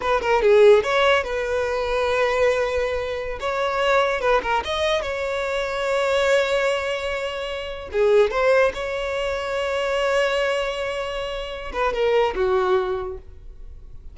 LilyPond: \new Staff \with { instrumentName = "violin" } { \time 4/4 \tempo 4 = 146 b'8 ais'8 gis'4 cis''4 b'4~ | b'1~ | b'16 cis''2 b'8 ais'8 dis''8.~ | dis''16 cis''2.~ cis''8.~ |
cis''2.~ cis''16 gis'8.~ | gis'16 c''4 cis''2~ cis''8.~ | cis''1~ | cis''8 b'8 ais'4 fis'2 | }